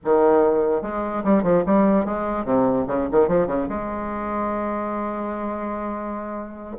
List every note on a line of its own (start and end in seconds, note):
0.04 0.82 D#3
0.82 1.23 G#3
1.24 1.43 G3
1.43 1.63 F3
1.66 2.05 G3
2.05 2.44 G#3
2.44 2.85 C3
2.87 3.07 C#3
3.11 3.28 D#3
3.28 3.47 F3
3.47 3.67 C#3
3.69 6.77 G#3